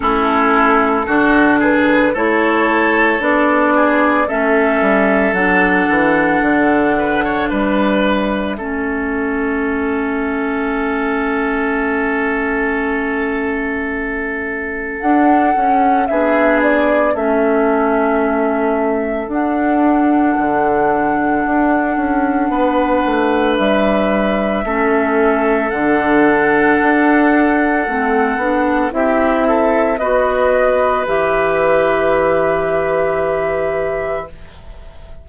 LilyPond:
<<
  \new Staff \with { instrumentName = "flute" } { \time 4/4 \tempo 4 = 56 a'4. b'8 cis''4 d''4 | e''4 fis''2 e''4~ | e''1~ | e''2 fis''4 e''8 d''8 |
e''2 fis''2~ | fis''2 e''2 | fis''2. e''4 | dis''4 e''2. | }
  \new Staff \with { instrumentName = "oboe" } { \time 4/4 e'4 fis'8 gis'8 a'4. gis'8 | a'2~ a'8 b'16 cis''16 b'4 | a'1~ | a'2. gis'4 |
a'1~ | a'4 b'2 a'4~ | a'2. g'8 a'8 | b'1 | }
  \new Staff \with { instrumentName = "clarinet" } { \time 4/4 cis'4 d'4 e'4 d'4 | cis'4 d'2. | cis'1~ | cis'2 d'8 cis'8 d'4 |
cis'2 d'2~ | d'2. cis'4 | d'2 c'8 d'8 e'4 | fis'4 g'2. | }
  \new Staff \with { instrumentName = "bassoon" } { \time 4/4 a4 d4 a4 b4 | a8 g8 fis8 e8 d4 g4 | a1~ | a2 d'8 cis'8 b4 |
a2 d'4 d4 | d'8 cis'8 b8 a8 g4 a4 | d4 d'4 a8 b8 c'4 | b4 e2. | }
>>